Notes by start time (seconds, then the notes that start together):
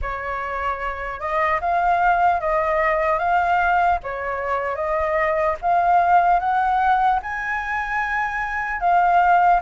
0.01 C#5
1.20 D#5
1.60 F5
2.40 D#5
3.19 F5
4.03 C#5
4.75 D#5
5.61 F5
6.39 F#5
7.22 G#5
8.80 F5